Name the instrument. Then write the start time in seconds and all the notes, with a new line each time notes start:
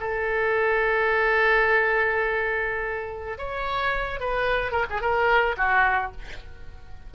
oboe
0.00 A4
3.38 C#5
4.20 B4
4.72 A#4
4.90 G#4
5.01 A#4
5.57 F#4